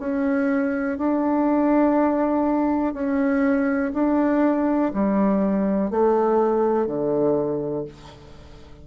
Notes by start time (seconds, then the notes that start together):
0.00 C#4
0.98 D4
2.94 C#4
3.94 D4
4.94 G3
5.91 A3
6.87 D3